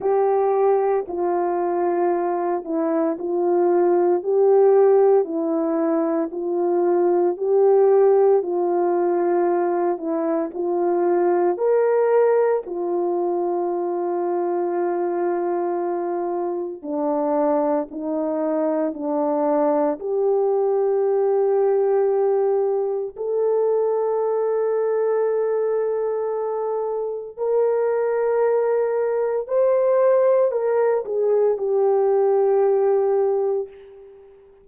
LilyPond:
\new Staff \with { instrumentName = "horn" } { \time 4/4 \tempo 4 = 57 g'4 f'4. e'8 f'4 | g'4 e'4 f'4 g'4 | f'4. e'8 f'4 ais'4 | f'1 |
d'4 dis'4 d'4 g'4~ | g'2 a'2~ | a'2 ais'2 | c''4 ais'8 gis'8 g'2 | }